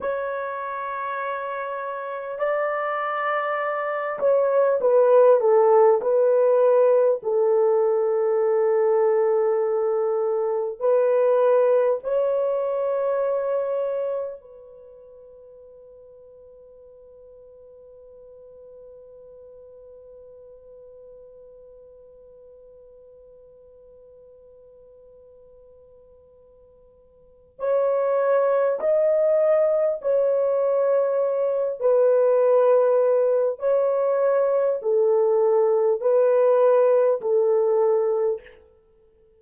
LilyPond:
\new Staff \with { instrumentName = "horn" } { \time 4/4 \tempo 4 = 50 cis''2 d''4. cis''8 | b'8 a'8 b'4 a'2~ | a'4 b'4 cis''2 | b'1~ |
b'1~ | b'2. cis''4 | dis''4 cis''4. b'4. | cis''4 a'4 b'4 a'4 | }